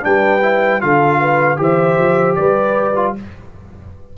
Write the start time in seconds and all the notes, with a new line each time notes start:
0.00 G3 D4 B4 G5
0.41 E4
0.80 D3 F4 A4 F5
1.20 B4
1.56 E3 G4 C5 E5
1.98 F3
2.35 G3 B4 D5
2.95 F4